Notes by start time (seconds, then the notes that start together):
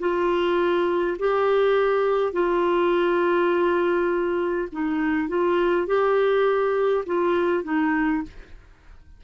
0.00 F4
1.19 G4
2.33 F4
4.73 D#4
5.29 F4
5.87 G4
7.06 F4
7.64 D#4